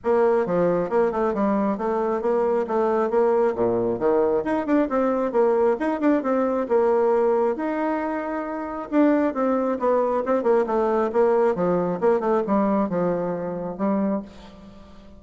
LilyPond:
\new Staff \with { instrumentName = "bassoon" } { \time 4/4 \tempo 4 = 135 ais4 f4 ais8 a8 g4 | a4 ais4 a4 ais4 | ais,4 dis4 dis'8 d'8 c'4 | ais4 dis'8 d'8 c'4 ais4~ |
ais4 dis'2. | d'4 c'4 b4 c'8 ais8 | a4 ais4 f4 ais8 a8 | g4 f2 g4 | }